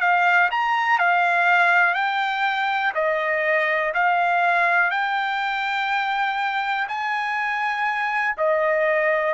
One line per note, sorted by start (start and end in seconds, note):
0.00 0.49 F5
0.51 0.98 A#5
0.98 1.94 F5
1.94 2.92 G5
2.94 3.93 D#5
3.94 4.90 F5
4.90 6.87 G5
6.88 8.36 G#5
8.37 9.34 D#5